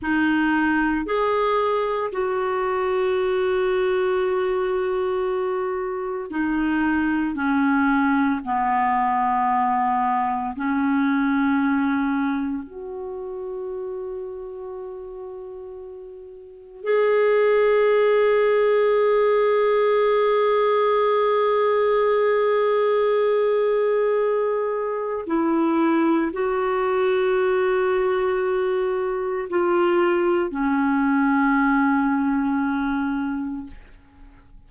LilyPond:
\new Staff \with { instrumentName = "clarinet" } { \time 4/4 \tempo 4 = 57 dis'4 gis'4 fis'2~ | fis'2 dis'4 cis'4 | b2 cis'2 | fis'1 |
gis'1~ | gis'1 | e'4 fis'2. | f'4 cis'2. | }